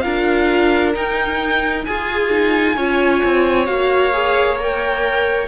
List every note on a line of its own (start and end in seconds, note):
0.00 0.95 D4
0.00 0.93 F4
0.00 1.85 A#4
0.00 0.91 F5
0.93 1.84 D#4
0.93 1.86 D#4
0.93 1.84 G5
1.84 2.76 F4
1.84 2.30 G#4
1.84 2.76 G#4
1.84 3.66 G#5
2.30 2.75 D#4
2.76 3.22 C#4
2.76 3.66 F4
2.76 5.48 C#5
3.24 3.67 C4
3.66 5.48 A#3
3.66 4.12 F#4
3.66 4.56 F5
4.12 4.58 G#4
4.58 5.48 A#4
4.58 5.48 G5